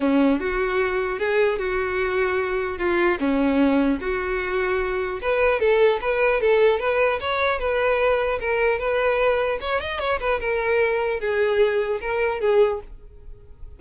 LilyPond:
\new Staff \with { instrumentName = "violin" } { \time 4/4 \tempo 4 = 150 cis'4 fis'2 gis'4 | fis'2. f'4 | cis'2 fis'2~ | fis'4 b'4 a'4 b'4 |
a'4 b'4 cis''4 b'4~ | b'4 ais'4 b'2 | cis''8 dis''8 cis''8 b'8 ais'2 | gis'2 ais'4 gis'4 | }